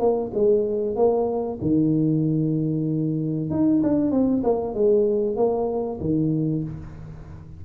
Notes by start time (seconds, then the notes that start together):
0.00 A#3
0.34 G#3
0.96 A#3
1.62 D#3
3.51 D#4
3.83 D4
4.11 C4
4.44 A#3
4.75 G#3
5.37 A#3
6.01 D#3